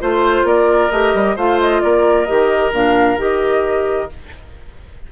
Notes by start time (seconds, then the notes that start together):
0.00 A3 F4 C5
0.44 A#3 A#4 D5
0.91 A3 G4 D#5
1.14 G3
1.36 A3 F4 C5 F5
1.61 D#5
1.81 A#3 A#4 D5
2.25 D#3 G4 D#5
2.72 A#2 D4 F5
3.17 D#3 G4 D#5